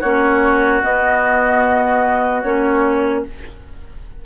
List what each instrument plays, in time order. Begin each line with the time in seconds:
0.00 bassoon A#3, clarinet C#4, oboe F#4, flute C#5
0.82 clarinet B3, bassoon B3, flute D#5
2.42 bassoon A#3, clarinet C#4, flute C#5